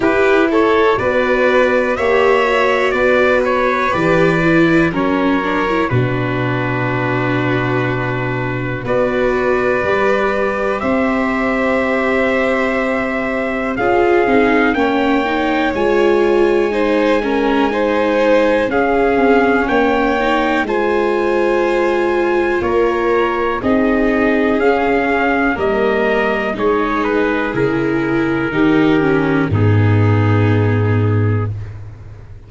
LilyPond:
<<
  \new Staff \with { instrumentName = "trumpet" } { \time 4/4 \tempo 4 = 61 b'8 cis''8 d''4 e''4 d''8 cis''8 | d''4 cis''4 b'2~ | b'4 d''2 e''4~ | e''2 f''4 g''4 |
gis''2. f''4 | g''4 gis''2 cis''4 | dis''4 f''4 dis''4 cis''8 b'8 | ais'2 gis'2 | }
  \new Staff \with { instrumentName = "violin" } { \time 4/4 g'8 a'8 b'4 cis''4 b'4~ | b'4 ais'4 fis'2~ | fis'4 b'2 c''4~ | c''2 gis'4 cis''4~ |
cis''4 c''8 ais'8 c''4 gis'4 | cis''4 c''2 ais'4 | gis'2 ais'4 gis'4~ | gis'4 g'4 dis'2 | }
  \new Staff \with { instrumentName = "viola" } { \time 4/4 e'4 fis'4 g'8 fis'4. | g'8 e'8 cis'8 d'16 e'16 d'2~ | d'4 fis'4 g'2~ | g'2 f'8 dis'8 cis'8 dis'8 |
f'4 dis'8 cis'8 dis'4 cis'4~ | cis'8 dis'8 f'2. | dis'4 cis'4 ais4 dis'4 | e'4 dis'8 cis'8 b2 | }
  \new Staff \with { instrumentName = "tuba" } { \time 4/4 e'4 b4 ais4 b4 | e4 fis4 b,2~ | b,4 b4 g4 c'4~ | c'2 cis'8 c'8 ais4 |
gis2. cis'8 c'8 | ais4 gis2 ais4 | c'4 cis'4 g4 gis4 | cis4 dis4 gis,2 | }
>>